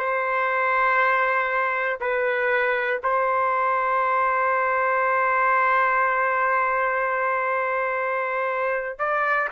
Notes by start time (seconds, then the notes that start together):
0.00 C5
2.01 B4
3.04 C5
8.99 D5